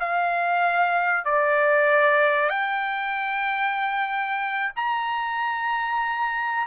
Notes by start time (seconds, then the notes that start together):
0.00 F5
1.25 D5
2.50 G5
4.76 A#5